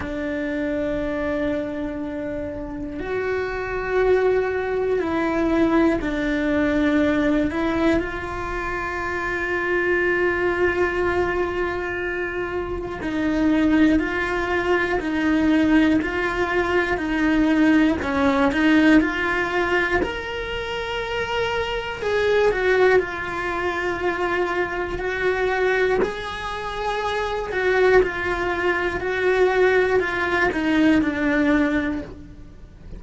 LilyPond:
\new Staff \with { instrumentName = "cello" } { \time 4/4 \tempo 4 = 60 d'2. fis'4~ | fis'4 e'4 d'4. e'8 | f'1~ | f'4 dis'4 f'4 dis'4 |
f'4 dis'4 cis'8 dis'8 f'4 | ais'2 gis'8 fis'8 f'4~ | f'4 fis'4 gis'4. fis'8 | f'4 fis'4 f'8 dis'8 d'4 | }